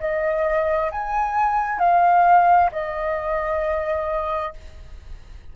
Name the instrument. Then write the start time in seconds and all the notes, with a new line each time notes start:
flute
0.00 D#5
0.91 G#5
1.79 F5
2.72 D#5